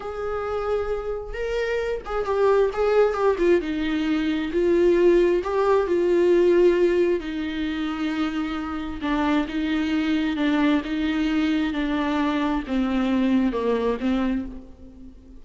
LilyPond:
\new Staff \with { instrumentName = "viola" } { \time 4/4 \tempo 4 = 133 gis'2. ais'4~ | ais'8 gis'8 g'4 gis'4 g'8 f'8 | dis'2 f'2 | g'4 f'2. |
dis'1 | d'4 dis'2 d'4 | dis'2 d'2 | c'2 ais4 c'4 | }